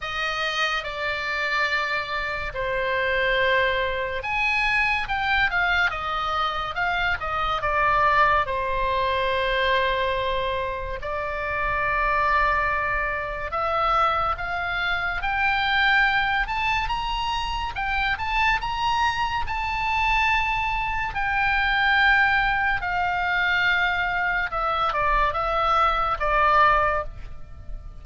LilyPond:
\new Staff \with { instrumentName = "oboe" } { \time 4/4 \tempo 4 = 71 dis''4 d''2 c''4~ | c''4 gis''4 g''8 f''8 dis''4 | f''8 dis''8 d''4 c''2~ | c''4 d''2. |
e''4 f''4 g''4. a''8 | ais''4 g''8 a''8 ais''4 a''4~ | a''4 g''2 f''4~ | f''4 e''8 d''8 e''4 d''4 | }